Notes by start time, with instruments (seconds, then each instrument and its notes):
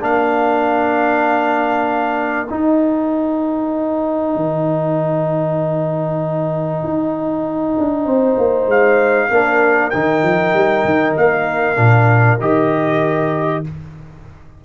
0.00 tuba A#3, trombone D4, horn A#4, trumpet F5
2.48 trombone D#4, tuba D#4, trumpet G5
4.36 tuba D#3
6.84 tuba D#4
7.78 tuba D4
8.05 tuba C4, horn C5
8.38 tuba A#3
8.66 tuba G#3, trumpet F5
9.30 tuba A#3, trombone D4, horn A#4
9.90 tuba D#3, trombone D#4, trumpet G5
10.23 tuba F3
10.53 tuba G3
10.85 tuba D#3
11.17 tuba A#3, trumpet F5
11.76 tuba A#2, trombone D4
12.40 tuba D#3, trombone G4, trumpet D#5